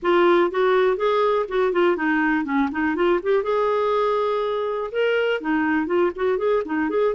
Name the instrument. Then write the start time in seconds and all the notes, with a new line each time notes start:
clarinet
0.02 F4
0.51 F#4
0.96 G#4
1.48 F#4
1.72 F4
1.96 D#4
2.44 C#4
2.71 D#4
2.95 F4
3.22 G4
3.43 G#4
4.91 A#4
5.40 D#4
5.86 F4
6.15 F#4
6.38 G#4
6.65 D#4
6.89 G#4